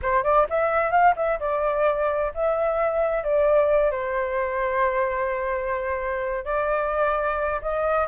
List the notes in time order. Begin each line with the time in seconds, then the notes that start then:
0.01 C5
0.23 D5
0.49 E5
0.91 F5
1.16 E5
1.39 D5
2.34 E5
3.23 D5
3.91 C5
6.44 D5
7.61 D#5